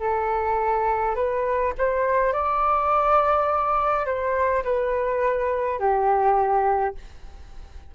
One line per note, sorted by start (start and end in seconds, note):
0.00 1.15 A4
1.15 1.73 B4
1.78 2.33 C5
2.33 4.06 D5
4.06 4.64 C5
4.64 5.80 B4
5.80 6.95 G4